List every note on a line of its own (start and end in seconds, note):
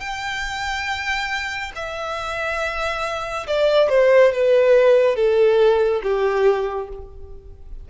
0.00 1.71 G5
1.75 3.46 E5
3.47 3.89 D5
3.89 4.32 C5
4.32 5.15 B4
5.15 6.01 A4
6.03 6.88 G4